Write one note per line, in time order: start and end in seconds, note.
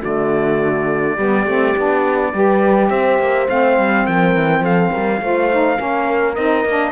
0.00 1.18 D3
0.00 1.17 A3
0.00 1.15 F#4
0.00 2.90 D5
1.15 1.46 G3
1.15 1.46 B3
1.15 2.30 G4
1.46 1.75 A3
1.46 1.76 C4
1.77 2.33 B3
1.77 2.34 D4
2.33 2.90 G3
2.33 3.48 G4
2.33 2.90 B4
2.90 3.19 C4
2.90 4.05 C5
2.90 3.47 E5
3.19 3.48 A#3
3.48 3.78 A3
3.48 5.21 C4
3.48 4.06 F5
3.78 4.07 G3
4.06 4.35 F3
4.06 4.63 A#4
4.06 4.64 G5
4.35 4.60 E3
4.60 4.89 F3
4.60 4.91 A4
4.60 6.35 F5
4.91 5.21 G3
4.91 5.20 A#4
5.21 5.78 A3
5.21 5.51 F4
5.21 5.78 C5
5.51 5.77 D#4
5.77 6.37 A#3
5.77 6.34 C#4
5.77 6.92 A#4
6.35 6.65 C4
6.35 6.66 D#4
6.35 6.92 D#5
6.65 6.92 A#3
6.65 6.92 D4